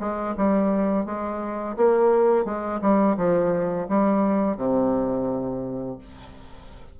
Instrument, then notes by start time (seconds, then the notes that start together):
bassoon
0.00 G#3
0.37 G3
1.06 G#3
1.77 A#3
2.45 G#3
2.82 G3
3.17 F3
3.89 G3
4.57 C3